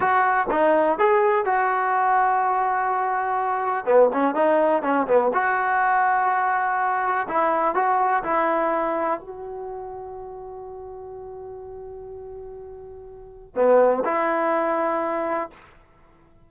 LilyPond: \new Staff \with { instrumentName = "trombone" } { \time 4/4 \tempo 4 = 124 fis'4 dis'4 gis'4 fis'4~ | fis'1 | b8 cis'8 dis'4 cis'8 b8 fis'4~ | fis'2. e'4 |
fis'4 e'2 fis'4~ | fis'1~ | fis'1 | b4 e'2. | }